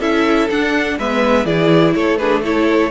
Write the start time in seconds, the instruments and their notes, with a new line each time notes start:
0.00 cello C#4, viola E4, violin A4 E5
0.50 viola D4, cello D4, violin F#5
0.98 cello G#3, viola B3, violin B4 E5
1.45 cello E3, viola E4, violin G#4 D5
1.95 cello A3, violin A4 C#5
2.18 viola D4, violin G#4 B4
2.43 viola E4, violin A4 C#5